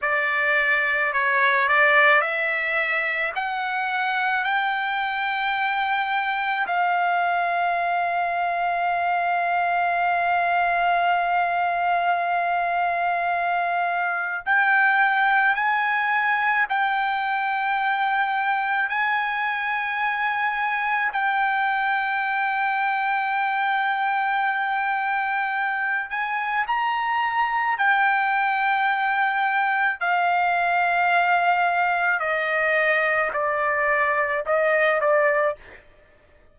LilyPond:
\new Staff \with { instrumentName = "trumpet" } { \time 4/4 \tempo 4 = 54 d''4 cis''8 d''8 e''4 fis''4 | g''2 f''2~ | f''1~ | f''4 g''4 gis''4 g''4~ |
g''4 gis''2 g''4~ | g''2.~ g''8 gis''8 | ais''4 g''2 f''4~ | f''4 dis''4 d''4 dis''8 d''8 | }